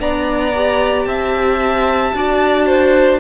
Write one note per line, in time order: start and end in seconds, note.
0.00 1.06 B3
0.00 0.54 D4
0.00 1.08 D5
0.00 1.05 A#5
0.55 2.16 G4
1.05 2.14 C4
1.05 2.16 E5
1.05 3.20 A5
2.14 3.20 D4
2.14 3.20 F#4
2.14 2.67 D5
2.67 3.20 C5